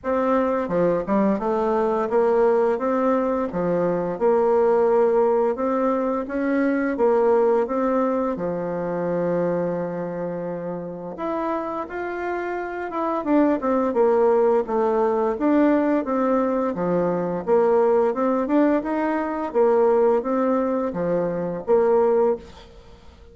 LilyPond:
\new Staff \with { instrumentName = "bassoon" } { \time 4/4 \tempo 4 = 86 c'4 f8 g8 a4 ais4 | c'4 f4 ais2 | c'4 cis'4 ais4 c'4 | f1 |
e'4 f'4. e'8 d'8 c'8 | ais4 a4 d'4 c'4 | f4 ais4 c'8 d'8 dis'4 | ais4 c'4 f4 ais4 | }